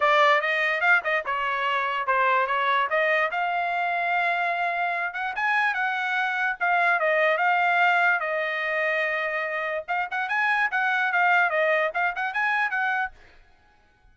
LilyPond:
\new Staff \with { instrumentName = "trumpet" } { \time 4/4 \tempo 4 = 146 d''4 dis''4 f''8 dis''8 cis''4~ | cis''4 c''4 cis''4 dis''4 | f''1~ | f''8 fis''8 gis''4 fis''2 |
f''4 dis''4 f''2 | dis''1 | f''8 fis''8 gis''4 fis''4 f''4 | dis''4 f''8 fis''8 gis''4 fis''4 | }